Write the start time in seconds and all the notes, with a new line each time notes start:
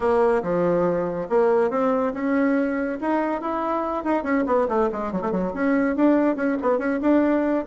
0.00 A#3
0.43 F3
1.29 A#3
1.70 C4
2.13 C#4
3.00 D#4
3.41 E4
4.03 D#4
4.23 C#4
4.46 B3
4.68 A3
4.91 G#3
5.12 F#3
5.21 A3
5.31 F#3
5.53 C#4
5.96 D4
6.35 C#4
6.62 B3
6.78 C#4
7.01 D4